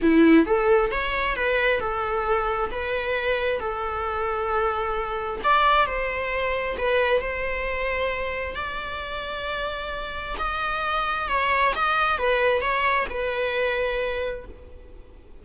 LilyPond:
\new Staff \with { instrumentName = "viola" } { \time 4/4 \tempo 4 = 133 e'4 a'4 cis''4 b'4 | a'2 b'2 | a'1 | d''4 c''2 b'4 |
c''2. d''4~ | d''2. dis''4~ | dis''4 cis''4 dis''4 b'4 | cis''4 b'2. | }